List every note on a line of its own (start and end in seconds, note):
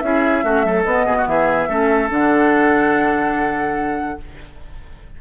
0.00 0.44 C#4
0.00 0.45 E4
0.00 0.45 G#4
0.00 0.83 E5
0.44 0.85 A3
0.44 0.64 C#4
0.44 0.66 F#4
0.64 0.85 F#3
0.64 1.06 A4
0.84 1.06 B3
0.84 1.69 B3
0.84 1.25 D#5
1.06 1.27 B2
1.06 1.16 G#4
1.18 1.28 F#4
1.27 1.69 E3
1.27 1.69 G#4
1.27 2.10 E5
1.69 2.10 A3
1.69 2.09 C#4
1.69 4.19 A4
2.09 4.19 D3
2.09 4.18 D4
2.09 4.21 F#5